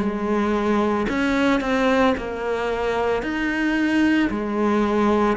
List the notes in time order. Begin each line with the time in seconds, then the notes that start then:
0.00 G#3
1.10 C#4
1.61 C4
2.18 A#3
3.23 D#4
4.31 G#3